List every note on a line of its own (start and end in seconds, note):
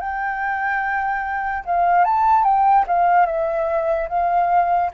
0.00 1.64 G5
1.66 2.04 F5
2.04 2.44 A5
2.44 2.85 G5
2.87 3.26 F5
3.26 4.08 E5
4.09 4.91 F5